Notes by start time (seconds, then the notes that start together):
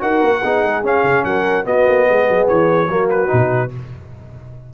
0.00 D#4 F#4 A#4 F#5
0.22 A#3
0.43 B3 D#4 G#4
0.63 G#3
0.83 C#4 F5
1.03 C#3
1.24 F#3 A#4 F#5
1.64 B3 F#4 D#5
1.87 A#3
2.09 G#3 G#4
2.29 F#3
2.47 E3 C#5
2.88 F#3 A#3 F#4
3.10 B4
3.27 B2 D#4